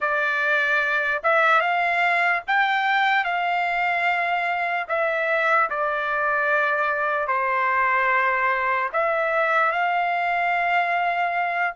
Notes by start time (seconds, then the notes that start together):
0.00 D5
1.23 E5
1.61 F5
2.47 G5
3.24 F5
4.88 E5
5.70 D5
7.27 C5
8.93 E5
9.71 F5